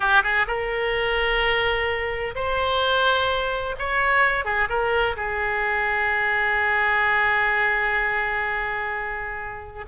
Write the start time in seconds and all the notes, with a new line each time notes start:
0.00 G4
0.23 G#4
0.47 A#4
2.35 C5
3.78 C#5
4.44 G#4
4.69 A#4
5.16 G#4